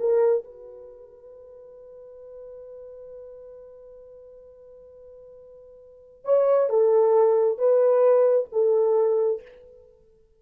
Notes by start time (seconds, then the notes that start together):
0.00 A#4
0.44 B4
6.25 C#5
6.70 A4
7.59 B4
8.52 A4